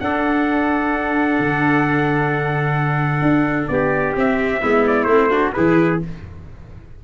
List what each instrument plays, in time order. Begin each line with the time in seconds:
0.00 tuba D4, viola D4, trumpet A4 F#5
1.39 tuba D3
3.21 tuba D4
3.67 tuba B3, trumpet G4 D5
4.15 viola C4, tuba C4, trumpet E5
4.61 tuba G#3, viola B3, trumpet E4
4.87 trumpet D5
5.04 tuba A3, viola C4, trumpet C5
5.30 viola D4, trumpet F#4
5.53 tuba E3, viola E4, trumpet G#4 B4